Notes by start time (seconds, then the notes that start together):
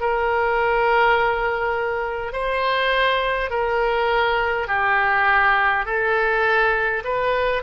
0.00 A#4
2.33 C5
3.50 A#4
4.67 G4
5.86 A4
7.04 B4